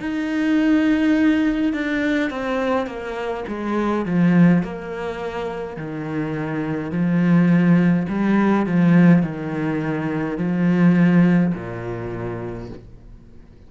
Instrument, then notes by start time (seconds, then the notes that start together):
cello
0.00 D#4
1.73 D4
2.30 C4
2.86 A#3
3.48 G#3
4.05 F3
4.63 A#3
5.76 D#3
6.91 F3
8.08 G3
8.66 F3
9.23 D#3
10.38 F3
11.54 A#2